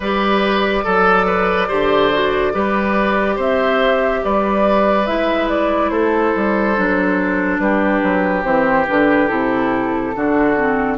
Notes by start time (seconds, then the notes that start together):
0.00 G3 G4 B4 D5
0.83 F#3 A4
1.26 B4
1.67 D3 G4 C5
2.12 F#4
2.52 G3 G4 B4
3.35 C4 C5 E5
4.23 G3 B4 D5
5.06 G#3 E4 E5
5.49 D5
5.89 A3 A4 C5
6.35 G3
6.76 F#3 D4
7.58 G3 G4 B4
8.02 F#3
8.43 E3 C4 C5
8.87 D3 D4 B4
9.27 C3 E4 A4
10.15 D3 D4 F#4
10.56 C4